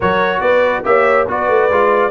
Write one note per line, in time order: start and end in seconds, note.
0.00 0.40 F#3
0.00 0.84 F#4
0.00 0.41 A#4
0.00 0.40 C#5
0.40 0.83 B3
0.40 0.86 B4
0.40 0.82 D5
0.84 1.27 A#3
0.84 1.26 G4
0.84 1.28 C#5
0.84 1.27 E5
1.27 1.48 B3
1.27 1.71 F#4
1.27 2.10 B4
1.27 2.10 D5
1.48 1.69 A3
1.69 2.10 G#3
1.69 2.10 F4